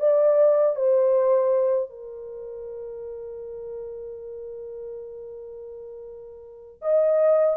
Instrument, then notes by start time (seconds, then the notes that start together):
horn
0.00 D5
0.76 C5
1.90 A#4
6.82 D#5